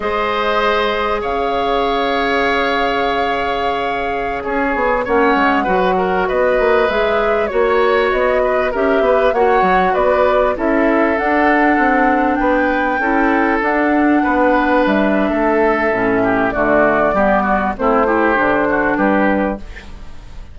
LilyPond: <<
  \new Staff \with { instrumentName = "flute" } { \time 4/4 \tempo 4 = 98 dis''2 f''2~ | f''2.~ f''16 cis''8.~ | cis''16 fis''2 dis''4 e''8.~ | e''16 cis''4 dis''4 e''4 fis''8.~ |
fis''16 d''4 e''4 fis''4.~ fis''16~ | fis''16 g''2 fis''4.~ fis''16~ | fis''16 e''2~ e''8. d''4~ | d''4 c''2 b'4 | }
  \new Staff \with { instrumentName = "oboe" } { \time 4/4 c''2 cis''2~ | cis''2.~ cis''16 gis'8.~ | gis'16 cis''4 b'8 ais'8 b'4.~ b'16~ | b'16 cis''4. b'8 ais'8 b'8 cis''8.~ |
cis''16 b'4 a'2~ a'8.~ | a'16 b'4 a'2 b'8.~ | b'4 a'4. g'8 fis'4 | g'8 fis'8 e'8 g'4 fis'8 g'4 | }
  \new Staff \with { instrumentName = "clarinet" } { \time 4/4 gis'1~ | gis'1~ | gis'16 cis'4 fis'2 gis'8.~ | gis'16 fis'2 g'4 fis'8.~ |
fis'4~ fis'16 e'4 d'4.~ d'16~ | d'4~ d'16 e'4 d'4.~ d'16~ | d'2 cis'4 a4 | b4 c'8 e'8 d'2 | }
  \new Staff \with { instrumentName = "bassoon" } { \time 4/4 gis2 cis2~ | cis2.~ cis16 cis'8 b16~ | b16 ais8 gis8 fis4 b8 ais8 gis8.~ | gis16 ais4 b4 cis'8 b8 ais8 fis16~ |
fis16 b4 cis'4 d'4 c'8.~ | c'16 b4 cis'4 d'4 b8.~ | b16 g8. a4 a,4 d4 | g4 a4 d4 g4 | }
>>